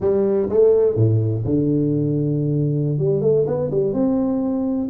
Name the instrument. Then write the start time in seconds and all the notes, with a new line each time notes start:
tuba
0.01 G3
0.49 A3
0.95 A2
1.45 D3
2.98 G3
3.21 A3
3.46 B3
3.70 G3
3.93 C4